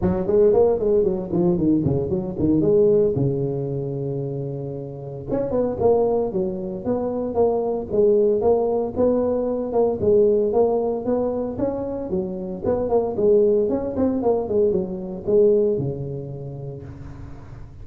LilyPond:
\new Staff \with { instrumentName = "tuba" } { \time 4/4 \tempo 4 = 114 fis8 gis8 ais8 gis8 fis8 f8 dis8 cis8 | fis8 dis8 gis4 cis2~ | cis2 cis'8 b8 ais4 | fis4 b4 ais4 gis4 |
ais4 b4. ais8 gis4 | ais4 b4 cis'4 fis4 | b8 ais8 gis4 cis'8 c'8 ais8 gis8 | fis4 gis4 cis2 | }